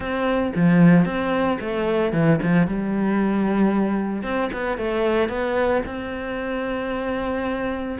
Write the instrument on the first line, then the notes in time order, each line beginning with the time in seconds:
cello
0.00 C4
0.55 F3
1.05 C4
1.60 A3
2.12 E3
2.42 F3
2.67 G3
4.23 C4
4.52 B3
4.77 A3
5.28 B3
5.86 C4